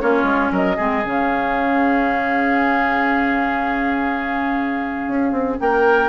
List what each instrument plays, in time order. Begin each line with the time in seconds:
0.00 bassoon A#3, clarinet C#4, oboe F4, flute C#5
0.23 bassoon G#3
0.51 bassoon F#3, oboe A#4, flute D#5
0.76 bassoon G#3, clarinet C4, oboe G#4
1.04 bassoon C#3, clarinet C#4, flute F5
5.07 bassoon C#4
5.32 bassoon C4
5.60 bassoon A#3, oboe A#4, flute G5